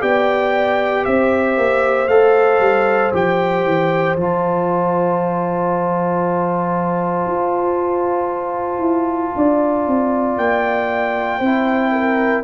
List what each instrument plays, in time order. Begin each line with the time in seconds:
0.00 tuba B3, trombone G4, horn D5, trumpet G5
1.05 tuba C4, horn C5, trumpet E5
1.57 tuba A#3
2.08 tuba A3, trombone A4, trumpet F5
2.59 tuba G3
3.12 tuba F3, trombone G4, trumpet G5
3.64 tuba E3
4.16 tuba F3, trombone F4, trumpet A5
7.26 tuba F4
8.78 tuba E4
9.35 tuba D4, horn D5
9.87 tuba C4
10.37 tuba A#3, trumpet G5
11.39 tuba C4, trombone E4, horn C5
11.92 horn A#4